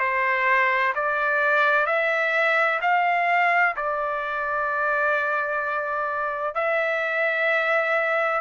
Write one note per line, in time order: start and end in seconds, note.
0.00 0.94 C5
0.95 1.87 D5
1.87 2.80 E5
2.82 3.76 F5
3.77 6.55 D5
6.55 8.42 E5